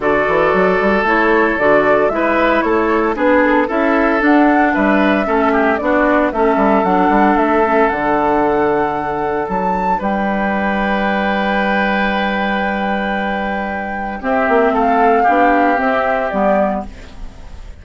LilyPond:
<<
  \new Staff \with { instrumentName = "flute" } { \time 4/4 \tempo 4 = 114 d''2 cis''4 d''4 | e''4 cis''4 b'8 a'8 e''4 | fis''4 e''2 d''4 | e''4 fis''4 e''4 fis''4~ |
fis''2 a''4 g''4~ | g''1~ | g''2. e''4 | f''2 e''4 d''4 | }
  \new Staff \with { instrumentName = "oboe" } { \time 4/4 a'1 | b'4 a'4 gis'4 a'4~ | a'4 b'4 a'8 g'8 fis'4 | a'1~ |
a'2. b'4~ | b'1~ | b'2. g'4 | a'4 g'2. | }
  \new Staff \with { instrumentName = "clarinet" } { \time 4/4 fis'2 e'4 fis'4 | e'2 d'4 e'4 | d'2 cis'4 d'4 | cis'4 d'4. cis'8 d'4~ |
d'1~ | d'1~ | d'2. c'4~ | c'4 d'4 c'4 b4 | }
  \new Staff \with { instrumentName = "bassoon" } { \time 4/4 d8 e8 fis8 g8 a4 d4 | gis4 a4 b4 cis'4 | d'4 g4 a4 b4 | a8 g8 fis8 g8 a4 d4~ |
d2 fis4 g4~ | g1~ | g2. c'8 ais8 | a4 b4 c'4 g4 | }
>>